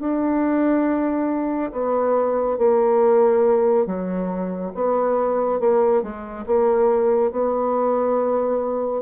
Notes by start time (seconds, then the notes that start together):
0.00 D4
1.72 B3
2.58 A#3
3.86 F#3
4.75 B3
5.60 A#3
6.03 G#3
6.46 A#3
7.31 B3